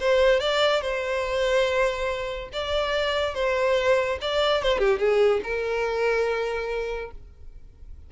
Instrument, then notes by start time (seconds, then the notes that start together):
violin
0.00 C5
0.40 D5
0.82 C5
2.53 D5
3.35 C5
4.21 D5
4.63 C5
4.79 G4
4.99 G#4
5.43 A#4